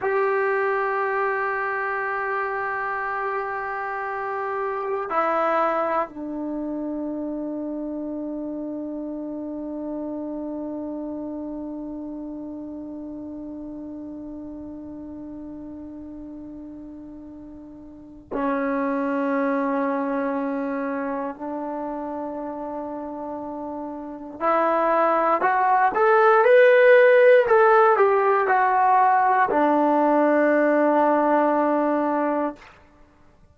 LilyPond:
\new Staff \with { instrumentName = "trombone" } { \time 4/4 \tempo 4 = 59 g'1~ | g'4 e'4 d'2~ | d'1~ | d'1~ |
d'2 cis'2~ | cis'4 d'2. | e'4 fis'8 a'8 b'4 a'8 g'8 | fis'4 d'2. | }